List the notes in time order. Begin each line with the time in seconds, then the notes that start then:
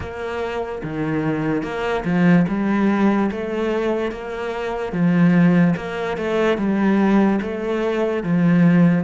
0.00 A#3
0.83 D#3
1.63 A#3
2.04 F3
2.48 G3
3.31 A3
4.11 A#3
4.92 F3
5.76 A#3
6.17 A3
6.57 G3
7.41 A3
8.23 F3